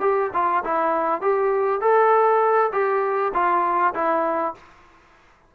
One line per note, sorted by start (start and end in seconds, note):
0.00 0.30 G4
0.33 0.63 F4
0.64 1.21 E4
1.21 1.81 G4
1.81 2.71 A4
2.72 3.32 G4
3.34 3.94 F4
3.94 4.54 E4